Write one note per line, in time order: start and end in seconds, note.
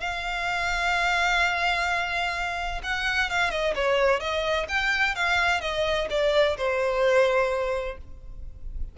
0.00 2.81 F5
2.83 3.30 F#5
3.30 3.50 F5
3.50 3.74 D#5
3.75 4.20 C#5
4.20 4.67 D#5
4.69 5.15 G5
5.15 5.61 F5
5.61 6.08 D#5
6.10 6.57 D5
6.57 7.98 C5